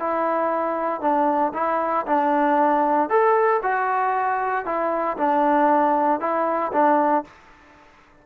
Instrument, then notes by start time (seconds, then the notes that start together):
trombone
0.00 E4
1.01 D4
1.54 E4
2.07 D4
3.10 A4
3.63 F#4
4.66 E4
5.18 D4
6.20 E4
6.73 D4